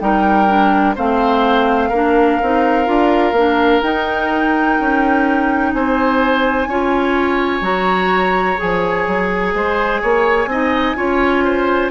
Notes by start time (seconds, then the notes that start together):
0.00 G3 D#4 A#4 G5
0.48 D4
0.95 A3 C4 C5 F5
1.89 A#3 D4 A#4
2.42 C4 D#4
2.86 D4 F4
3.32 A#3 D4
3.82 D#4 G5
4.80 C#4
5.73 C4 C5 G#5
6.67 C#4 F4 C#5
7.61 F#3 F#4 A#5
8.57 F3 G#4 G#5
9.07 F#3
9.54 G#3 C5
10.01 A#3 C#5
10.46 C4 D#4 D#5
10.96 C#4 F4 C#5
11.44 C5